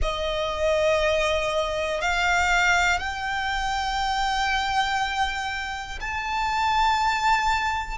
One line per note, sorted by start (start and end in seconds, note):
0.02 2.00 D#5
2.00 2.99 F5
2.99 5.99 G5
6.00 7.97 A5